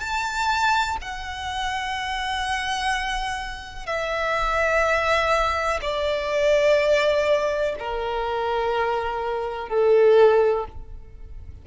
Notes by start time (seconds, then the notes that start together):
0.00 A5
1.01 F#5
3.86 E5
5.81 D5
7.79 A#4
9.68 A4